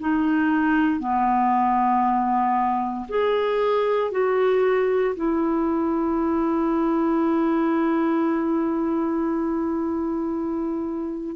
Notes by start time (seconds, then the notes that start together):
0.00 D#4
1.00 B3
3.08 G#4
4.11 F#4
5.15 E4